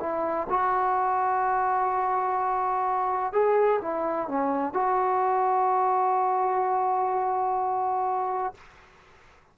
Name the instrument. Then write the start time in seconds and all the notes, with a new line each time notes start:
trombone
0.00 E4
0.49 F#4
3.33 G#4
3.81 E4
4.28 C#4
4.74 F#4